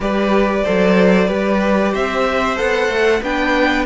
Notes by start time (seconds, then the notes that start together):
0.00 G3 G4 B4 D5
0.64 F#3 A4 C5
1.27 G3 G4 B4
1.91 C4 C5 E5
2.56 B3 A4 F#5
2.88 A3
3.21 B3 D4 B4 G5